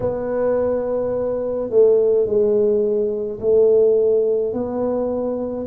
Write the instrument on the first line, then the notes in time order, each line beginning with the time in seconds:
tuba
0.00 B3
1.70 A3
2.26 G#3
3.40 A3
4.53 B3